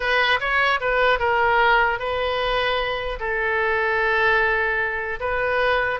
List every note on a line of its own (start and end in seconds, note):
0.00 0.39 B4
0.39 0.79 C#5
0.80 1.19 B4
1.19 1.99 A#4
1.99 3.19 B4
3.19 5.19 A4
5.20 5.99 B4